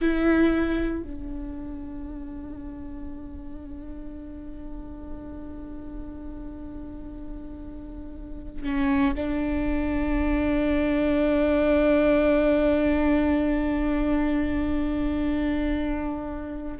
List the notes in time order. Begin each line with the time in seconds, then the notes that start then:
0.01 E4
1.02 D4
8.63 C#4
9.14 D4